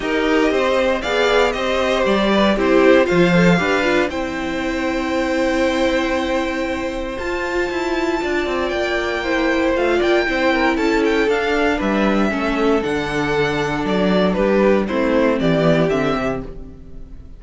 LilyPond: <<
  \new Staff \with { instrumentName = "violin" } { \time 4/4 \tempo 4 = 117 dis''2 f''4 dis''4 | d''4 c''4 f''2 | g''1~ | g''2 a''2~ |
a''4 g''2 f''8 g''8~ | g''4 a''8 g''8 f''4 e''4~ | e''4 fis''2 d''4 | b'4 c''4 d''4 e''4 | }
  \new Staff \with { instrumentName = "violin" } { \time 4/4 ais'4 c''4 d''4 c''4~ | c''8 b'8 g'4 c''4 b'4 | c''1~ | c''1 |
d''2 c''4. d''8 | c''8 ais'8 a'2 b'4 | a'1 | g'4 e'4 g'2 | }
  \new Staff \with { instrumentName = "viola" } { \time 4/4 g'2 gis'4 g'4~ | g'4 e'4 f'8 a'8 g'8 f'8 | e'1~ | e'2 f'2~ |
f'2 e'4 f'4 | e'2 d'2 | cis'4 d'2.~ | d'4 c'4. b8 c'4 | }
  \new Staff \with { instrumentName = "cello" } { \time 4/4 dis'4 c'4 b4 c'4 | g4 c'4 f4 d'4 | c'1~ | c'2 f'4 e'4 |
d'8 c'8 ais2 a8 ais8 | c'4 cis'4 d'4 g4 | a4 d2 fis4 | g4 a4 e4 d8 c8 | }
>>